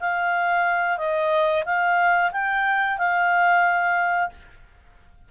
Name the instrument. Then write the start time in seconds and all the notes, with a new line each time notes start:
clarinet
0.00 F5
0.98 D#5
1.65 F5
2.32 G5
2.98 F5